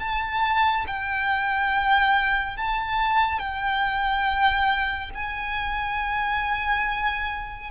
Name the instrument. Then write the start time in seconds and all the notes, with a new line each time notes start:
violin
0.00 A5
0.87 G5
2.57 A5
3.40 G5
5.15 G#5